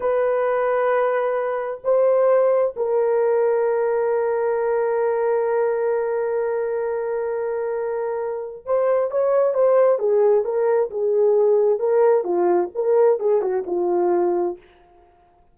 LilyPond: \new Staff \with { instrumentName = "horn" } { \time 4/4 \tempo 4 = 132 b'1 | c''2 ais'2~ | ais'1~ | ais'1~ |
ais'2. c''4 | cis''4 c''4 gis'4 ais'4 | gis'2 ais'4 f'4 | ais'4 gis'8 fis'8 f'2 | }